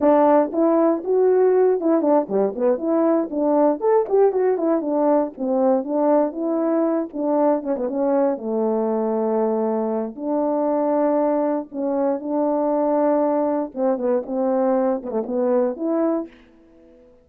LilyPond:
\new Staff \with { instrumentName = "horn" } { \time 4/4 \tempo 4 = 118 d'4 e'4 fis'4. e'8 | d'8 g8 b8 e'4 d'4 a'8 | g'8 fis'8 e'8 d'4 c'4 d'8~ | d'8 e'4. d'4 cis'16 b16 cis'8~ |
cis'8 a2.~ a8 | d'2. cis'4 | d'2. c'8 b8 | c'4. b16 a16 b4 e'4 | }